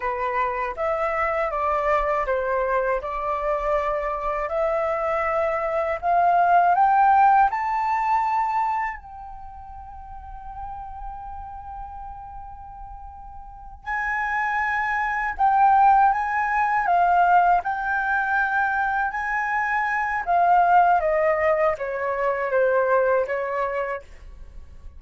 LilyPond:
\new Staff \with { instrumentName = "flute" } { \time 4/4 \tempo 4 = 80 b'4 e''4 d''4 c''4 | d''2 e''2 | f''4 g''4 a''2 | g''1~ |
g''2~ g''8 gis''4.~ | gis''8 g''4 gis''4 f''4 g''8~ | g''4. gis''4. f''4 | dis''4 cis''4 c''4 cis''4 | }